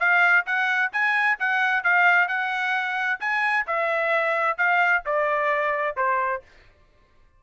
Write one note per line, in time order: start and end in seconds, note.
0.00 0.46 F5
0.46 0.92 F#5
0.93 1.39 G#5
1.39 1.84 F#5
1.84 2.28 F5
2.28 3.20 F#5
3.21 3.66 G#5
3.67 4.58 E5
4.58 5.04 F5
5.06 5.97 D5
5.97 6.43 C5